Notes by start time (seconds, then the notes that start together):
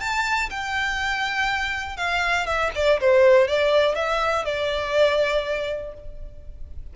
0.00 A5
0.50 G5
1.97 F5
2.46 E5
2.75 D5
3.00 C5
3.48 D5
3.95 E5
4.45 D5